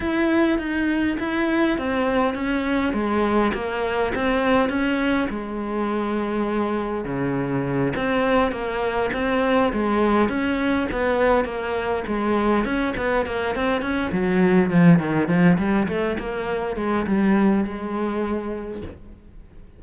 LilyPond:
\new Staff \with { instrumentName = "cello" } { \time 4/4 \tempo 4 = 102 e'4 dis'4 e'4 c'4 | cis'4 gis4 ais4 c'4 | cis'4 gis2. | cis4. c'4 ais4 c'8~ |
c'8 gis4 cis'4 b4 ais8~ | ais8 gis4 cis'8 b8 ais8 c'8 cis'8 | fis4 f8 dis8 f8 g8 a8 ais8~ | ais8 gis8 g4 gis2 | }